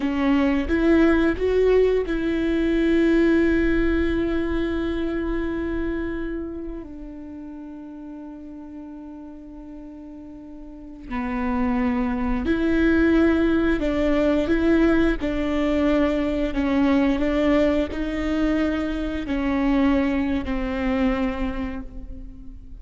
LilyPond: \new Staff \with { instrumentName = "viola" } { \time 4/4 \tempo 4 = 88 cis'4 e'4 fis'4 e'4~ | e'1~ | e'2 d'2~ | d'1~ |
d'16 b2 e'4.~ e'16~ | e'16 d'4 e'4 d'4.~ d'16~ | d'16 cis'4 d'4 dis'4.~ dis'16~ | dis'16 cis'4.~ cis'16 c'2 | }